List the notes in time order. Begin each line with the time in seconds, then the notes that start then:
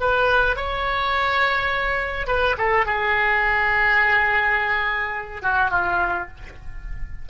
0.00 B4
0.56 C#5
2.27 B4
2.58 A4
2.86 G#4
5.42 F#4
5.71 F4